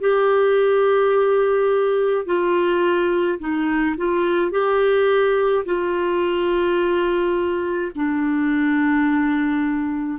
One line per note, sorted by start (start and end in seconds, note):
0.00 2.26 G4
2.26 3.39 F4
3.39 3.96 D#4
3.97 4.51 F4
4.51 5.64 G4
5.66 7.92 F4
7.95 10.19 D4